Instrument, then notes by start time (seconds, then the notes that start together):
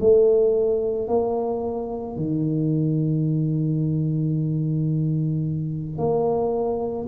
tuba
0.00 A3
1.08 A#3
2.16 D#3
5.98 A#3